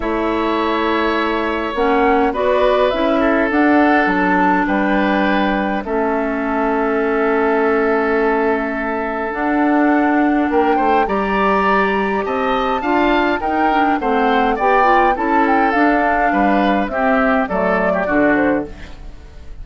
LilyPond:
<<
  \new Staff \with { instrumentName = "flute" } { \time 4/4 \tempo 4 = 103 e''2. fis''4 | d''4 e''4 fis''4 a''4 | g''2 e''2~ | e''1 |
fis''2 g''4 ais''4~ | ais''4 a''2 g''4 | fis''4 g''4 a''8 g''8 f''4~ | f''4 e''4 d''4. c''8 | }
  \new Staff \with { instrumentName = "oboe" } { \time 4/4 cis''1 | b'4. a'2~ a'8 | b'2 a'2~ | a'1~ |
a'2 ais'8 c''8 d''4~ | d''4 dis''4 f''4 ais'4 | c''4 d''4 a'2 | b'4 g'4 a'8. g'16 fis'4 | }
  \new Staff \with { instrumentName = "clarinet" } { \time 4/4 e'2. cis'4 | fis'4 e'4 d'2~ | d'2 cis'2~ | cis'1 |
d'2. g'4~ | g'2 f'4 dis'8 d'8 | c'4 g'8 f'8 e'4 d'4~ | d'4 c'4 a4 d'4 | }
  \new Staff \with { instrumentName = "bassoon" } { \time 4/4 a2. ais4 | b4 cis'4 d'4 fis4 | g2 a2~ | a1 |
d'2 ais8 a8 g4~ | g4 c'4 d'4 dis'4 | a4 b4 cis'4 d'4 | g4 c'4 fis4 d4 | }
>>